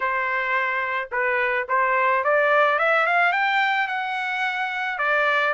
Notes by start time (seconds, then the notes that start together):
0.00 C5
1.11 B4
1.68 C5
2.24 D5
2.78 E5
3.06 F5
3.32 G5
3.87 F#5
4.98 D5